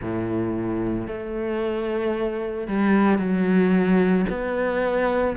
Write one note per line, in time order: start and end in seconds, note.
0.00 1.07 A2
1.07 2.67 A3
2.67 3.18 G3
3.18 4.25 F#3
4.29 5.36 B3